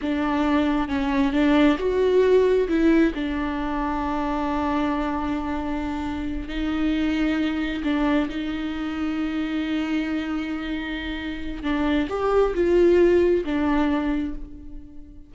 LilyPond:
\new Staff \with { instrumentName = "viola" } { \time 4/4 \tempo 4 = 134 d'2 cis'4 d'4 | fis'2 e'4 d'4~ | d'1~ | d'2~ d'8 dis'4.~ |
dis'4. d'4 dis'4.~ | dis'1~ | dis'2 d'4 g'4 | f'2 d'2 | }